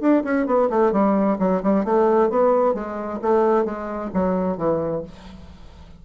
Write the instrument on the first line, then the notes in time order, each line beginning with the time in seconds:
bassoon
0.00 D4
0.23 C#4
0.46 B3
0.70 A3
0.92 G3
1.39 F#3
1.63 G3
1.84 A3
2.30 B3
2.74 G#3
3.21 A3
3.65 G#3
4.13 F#3
4.57 E3